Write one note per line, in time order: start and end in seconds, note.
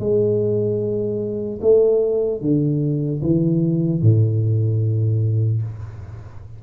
0.00 1.60 G#3
1.62 2.41 A3
2.41 3.21 D3
3.22 4.02 E3
4.02 5.62 A2